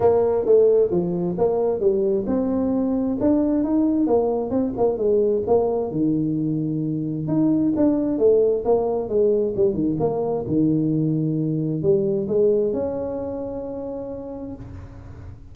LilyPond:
\new Staff \with { instrumentName = "tuba" } { \time 4/4 \tempo 4 = 132 ais4 a4 f4 ais4 | g4 c'2 d'4 | dis'4 ais4 c'8 ais8 gis4 | ais4 dis2. |
dis'4 d'4 a4 ais4 | gis4 g8 dis8 ais4 dis4~ | dis2 g4 gis4 | cis'1 | }